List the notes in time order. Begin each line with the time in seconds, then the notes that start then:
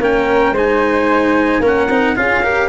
0.00 A#3 C#4 A#4 G5
0.51 G#3 D#4 C5
0.58 G#5
1.60 A#3 C#4 A#4
1.67 F#5
1.89 C4 D#4
2.16 C#4 F4 G#4 F5
2.43 G4 A#4